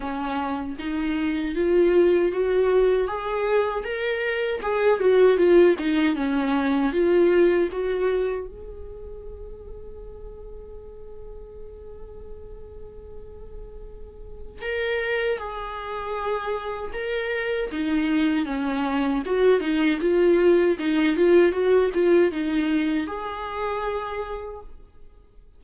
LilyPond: \new Staff \with { instrumentName = "viola" } { \time 4/4 \tempo 4 = 78 cis'4 dis'4 f'4 fis'4 | gis'4 ais'4 gis'8 fis'8 f'8 dis'8 | cis'4 f'4 fis'4 gis'4~ | gis'1~ |
gis'2. ais'4 | gis'2 ais'4 dis'4 | cis'4 fis'8 dis'8 f'4 dis'8 f'8 | fis'8 f'8 dis'4 gis'2 | }